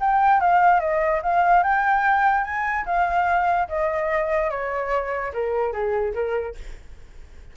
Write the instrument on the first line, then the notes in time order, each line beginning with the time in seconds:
flute
0.00 G5
0.40 F5
0.80 D#5
1.22 F5
1.63 G5
2.44 G#5
2.86 F5
3.68 D#5
4.50 C#5
5.33 A#4
5.72 G#4
6.14 A#4